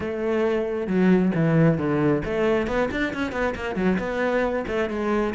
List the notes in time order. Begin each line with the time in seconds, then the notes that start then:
0.00 A3
0.87 F#3
1.34 E3
1.77 D3
2.24 A3
2.67 B3
2.91 D4
3.13 C#4
3.32 B3
3.55 A#3
3.75 F#3
3.98 B3
4.67 A3
4.89 G#3